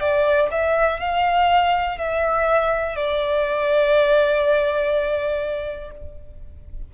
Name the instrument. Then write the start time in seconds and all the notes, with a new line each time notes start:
violin
0.00 D5
0.51 E5
1.00 F5
1.98 E5
2.96 D5